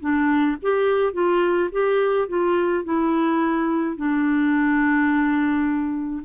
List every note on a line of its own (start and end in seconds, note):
0.00 0.57 D4
0.62 1.13 G4
1.13 1.69 F4
1.71 2.28 G4
2.28 2.84 F4
2.84 3.96 E4
3.96 6.23 D4